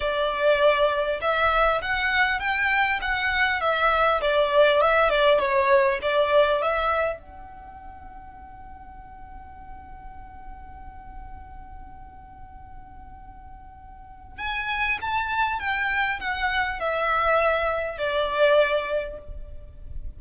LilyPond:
\new Staff \with { instrumentName = "violin" } { \time 4/4 \tempo 4 = 100 d''2 e''4 fis''4 | g''4 fis''4 e''4 d''4 | e''8 d''8 cis''4 d''4 e''4 | fis''1~ |
fis''1~ | fis''1 | gis''4 a''4 g''4 fis''4 | e''2 d''2 | }